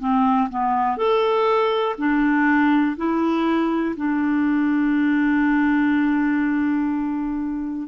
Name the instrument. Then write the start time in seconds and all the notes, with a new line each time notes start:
clarinet
0.00 C4
0.50 B3
0.97 A4
1.98 D4
2.97 E4
3.97 D4